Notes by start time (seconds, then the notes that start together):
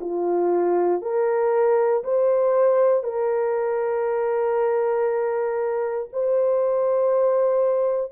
0.00 F4
1.01 A#4
2.03 C5
3.03 A#4
6.12 C5